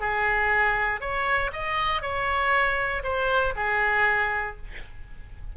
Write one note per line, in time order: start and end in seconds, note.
0.00 1.01 G#4
1.01 1.51 C#5
1.52 2.02 D#5
2.02 3.03 C#5
3.03 3.54 C5
3.56 4.57 G#4